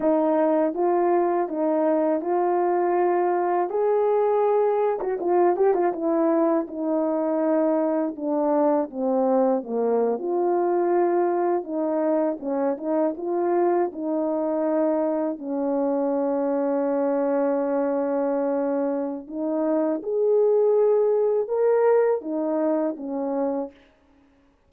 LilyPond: \new Staff \with { instrumentName = "horn" } { \time 4/4 \tempo 4 = 81 dis'4 f'4 dis'4 f'4~ | f'4 gis'4.~ gis'16 fis'16 f'8 g'16 f'16 | e'4 dis'2 d'4 | c'4 ais8. f'2 dis'16~ |
dis'8. cis'8 dis'8 f'4 dis'4~ dis'16~ | dis'8. cis'2.~ cis'16~ | cis'2 dis'4 gis'4~ | gis'4 ais'4 dis'4 cis'4 | }